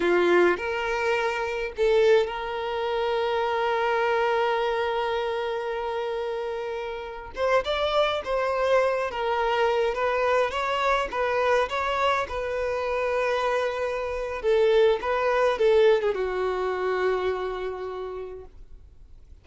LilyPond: \new Staff \with { instrumentName = "violin" } { \time 4/4 \tempo 4 = 104 f'4 ais'2 a'4 | ais'1~ | ais'1~ | ais'8. c''8 d''4 c''4. ais'16~ |
ais'4~ ais'16 b'4 cis''4 b'8.~ | b'16 cis''4 b'2~ b'8.~ | b'4 a'4 b'4 a'8. gis'16 | fis'1 | }